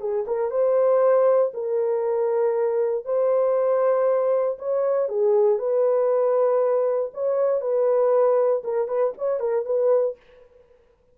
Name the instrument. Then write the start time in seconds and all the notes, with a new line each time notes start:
horn
0.00 G#4
0.28 A#4
0.51 C5
1.54 A#4
3.06 C5
4.59 C#5
5.09 G#4
5.59 B4
7.14 C#5
7.61 B4
8.64 A#4
8.88 B4
9.18 C#5
9.40 A#4
9.66 B4